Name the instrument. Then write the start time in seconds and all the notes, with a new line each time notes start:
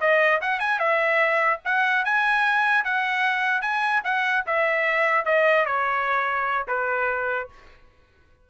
trumpet
0.00 D#5
0.41 F#5
0.59 G#5
0.79 E5
1.65 F#5
2.05 G#5
2.84 F#5
3.61 G#5
4.04 F#5
4.46 E5
5.25 D#5
5.65 C#5
6.67 B4